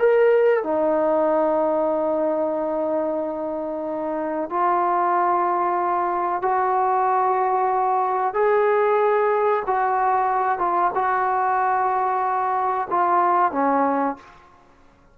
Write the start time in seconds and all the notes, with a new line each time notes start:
0.00 A#4
0.64 D#4
4.50 F4
6.42 F#4
8.34 G#4
9.67 F#4
10.59 F4
10.95 F#4
12.91 F4
13.52 C#4